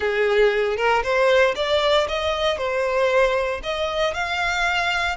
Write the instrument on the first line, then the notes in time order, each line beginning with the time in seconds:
violin
0.00 G#4
0.76 A#4
1.03 C5
1.55 D5
2.08 D#5
2.57 C5
3.63 D#5
4.14 F5